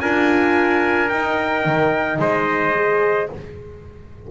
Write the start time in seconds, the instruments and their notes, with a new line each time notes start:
0.00 double bass D4, horn F4, trumpet A#4 G#5
1.09 horn D#4, double bass D#4, trumpet G5
1.65 double bass D#3
2.19 double bass G#3, trumpet C5 D#5
2.75 horn G#4